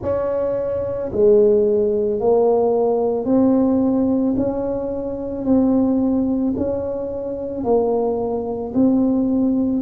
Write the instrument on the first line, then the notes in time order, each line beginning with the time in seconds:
tuba
0.01 C#4
1.12 G#3
2.20 A#3
3.25 C4
4.36 C#4
5.44 C4
6.57 C#4
7.64 A#3
8.74 C4